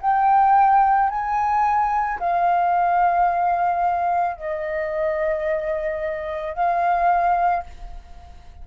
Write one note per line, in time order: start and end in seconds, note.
0.00 1.09 G5
1.10 2.19 G#5
2.20 4.36 F5
4.36 6.54 D#5
6.54 7.63 F5